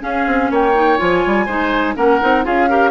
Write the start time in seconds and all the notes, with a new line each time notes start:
0.00 C#4 G#4 F5
0.26 C4
0.50 A#3 C#5 G5
0.74 D#4
0.97 F3 F4 G#5
1.25 G3
1.45 G#3 D#4 C5
1.95 A#3 C#4 A#4 F#5
2.21 C4 D#4
2.44 C#4 F4 G#4 F5
2.69 G4 A#4